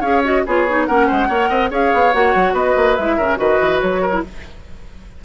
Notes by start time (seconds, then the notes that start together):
0.00 C#4 G#4 C#5 F5
0.24 F#4 D#5
0.45 B3 F4 G#4 C#5
0.68 D#4
0.86 A#3 C#4 A#4 F#5
1.06 G#3 C5
1.28 A#3 A#4 C#5
1.48 C4 D#5
1.70 C#4 G#4 C#5 F5
1.93 B3
2.13 A#3 F#4 F#5
2.34 F#3
2.52 B3 B4 D#5
2.76 A#3
2.95 G#3 E4 E5
3.16 C#3 C#4 A#4
3.36 D#3 F#4 B4 D#5
3.60 E3
3.80 F#3 C#5
4.01 A#4
4.12 E4